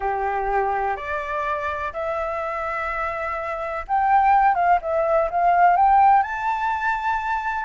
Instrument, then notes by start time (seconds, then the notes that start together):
flute
0.00 G4
0.96 D5
1.93 E5
3.87 G5
4.54 F5
4.81 E5
5.30 F5
5.76 G5
6.22 A5